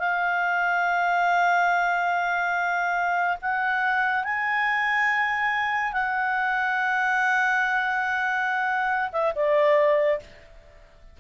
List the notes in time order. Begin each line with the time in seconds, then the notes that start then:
0.00 F5
3.42 F#5
4.24 G#5
5.93 F#5
9.13 E5
9.36 D5